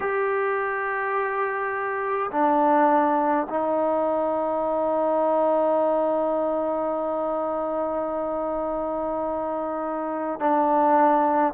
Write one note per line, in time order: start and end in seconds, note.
0.00 2.30 G4
2.31 3.47 D4
3.49 10.40 D#4
10.40 11.53 D4